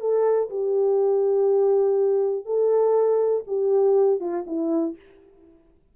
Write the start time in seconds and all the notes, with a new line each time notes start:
0.00 A4
0.50 G4
2.45 A4
3.47 G4
4.20 F4
4.46 E4